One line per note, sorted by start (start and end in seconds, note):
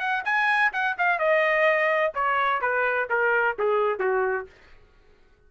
0.00 0.24 F#5
0.25 0.73 G#5
0.73 0.97 F#5
0.99 1.19 F5
1.19 2.14 D#5
2.15 2.62 C#5
2.62 3.09 B4
3.10 3.57 A#4
3.59 4.00 G#4
4.00 4.47 F#4